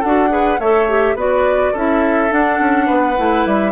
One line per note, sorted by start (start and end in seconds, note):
0.00 0.59 D4
0.00 0.29 F#4
0.00 0.29 A4
0.00 0.60 F#5
0.29 0.58 G#4
0.29 0.60 B4
0.59 1.16 A3
0.59 0.89 A4
0.59 1.16 C#5
0.59 1.17 E5
0.89 1.18 G4
1.16 1.73 B3
1.16 1.75 F#4
1.16 1.73 B4
1.16 1.77 D5
1.73 2.32 C#4
1.73 2.30 E4
1.73 2.87 A4
1.73 2.33 E5
2.30 3.16 D4
2.30 2.60 D4
2.30 3.47 F#5
2.60 2.89 C#4
2.87 3.19 B3
2.87 3.72 B4
3.18 3.46 A3
3.18 3.72 E4
3.46 3.72 G3
3.46 3.72 E5